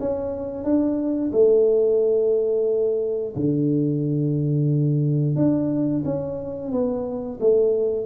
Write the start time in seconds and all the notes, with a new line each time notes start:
0.00 C#4
0.64 D4
1.32 A3
3.36 D3
5.36 D4
6.05 C#4
6.72 B3
7.40 A3